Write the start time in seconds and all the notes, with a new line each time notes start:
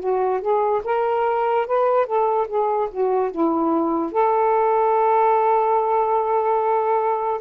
0.00 F#4
0.41 G#4
0.85 A#4
1.67 B4
2.07 A4
2.48 G#4
2.91 F#4
3.31 E4
4.12 A4